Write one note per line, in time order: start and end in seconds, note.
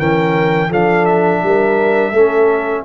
0.00 0.71 E3
0.00 0.71 C#4
0.00 0.70 A#4
0.00 0.72 G5
0.70 1.42 F3
0.70 2.14 D4
0.70 1.42 A4
0.70 1.06 F5
1.06 2.85 E5
1.43 2.12 G3
1.43 2.12 A#4
2.12 2.83 A3
2.12 2.86 C#4
2.12 2.84 A4